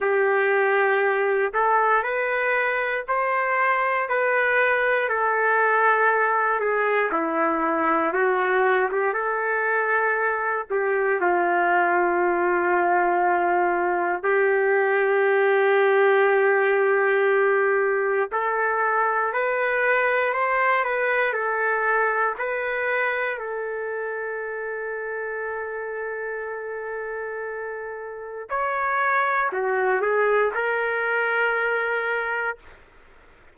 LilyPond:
\new Staff \with { instrumentName = "trumpet" } { \time 4/4 \tempo 4 = 59 g'4. a'8 b'4 c''4 | b'4 a'4. gis'8 e'4 | fis'8. g'16 a'4. g'8 f'4~ | f'2 g'2~ |
g'2 a'4 b'4 | c''8 b'8 a'4 b'4 a'4~ | a'1 | cis''4 fis'8 gis'8 ais'2 | }